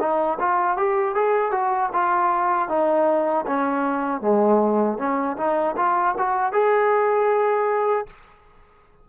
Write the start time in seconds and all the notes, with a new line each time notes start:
0.00 D#4
0.40 F4
0.77 G4
1.15 G#4
1.52 F#4
1.93 F4
2.69 D#4
3.47 C#4
4.22 G#3
4.99 C#4
5.37 D#4
5.77 F4
6.18 F#4
6.53 G#4